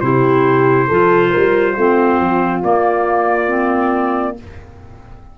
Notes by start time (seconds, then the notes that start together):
0.00 C3 E4 G4 C5
0.88 F3 F4 A4
1.30 G3 A#4
1.74 A3 C4 F4
2.19 F3
2.63 A#3 D5
3.47 C4